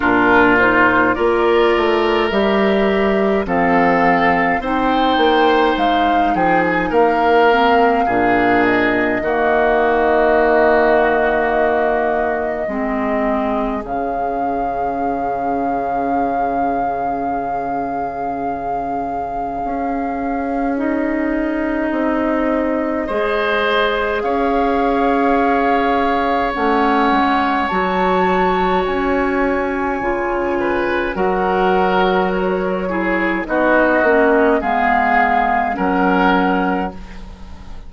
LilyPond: <<
  \new Staff \with { instrumentName = "flute" } { \time 4/4 \tempo 4 = 52 ais'8 c''8 d''4 e''4 f''4 | g''4 f''8 g''16 gis''16 f''4. dis''8~ | dis''1 | f''1~ |
f''2 dis''2~ | dis''4 f''2 fis''4 | a''4 gis''2 fis''4 | cis''4 dis''4 f''4 fis''4 | }
  \new Staff \with { instrumentName = "oboe" } { \time 4/4 f'4 ais'2 a'4 | c''4. gis'8 ais'4 gis'4 | fis'2. gis'4~ | gis'1~ |
gis'1 | c''4 cis''2.~ | cis''2~ cis''8 b'8 ais'4~ | ais'8 gis'8 fis'4 gis'4 ais'4 | }
  \new Staff \with { instrumentName = "clarinet" } { \time 4/4 d'8 dis'8 f'4 g'4 c'4 | dis'2~ dis'8 c'8 d'4 | ais2. c'4 | cis'1~ |
cis'2 dis'2 | gis'2. cis'4 | fis'2 f'4 fis'4~ | fis'8 e'8 dis'8 cis'8 b4 cis'4 | }
  \new Staff \with { instrumentName = "bassoon" } { \time 4/4 ais,4 ais8 a8 g4 f4 | c'8 ais8 gis8 f8 ais4 ais,4 | dis2. gis4 | cis1~ |
cis4 cis'2 c'4 | gis4 cis'2 a8 gis8 | fis4 cis'4 cis4 fis4~ | fis4 b8 ais8 gis4 fis4 | }
>>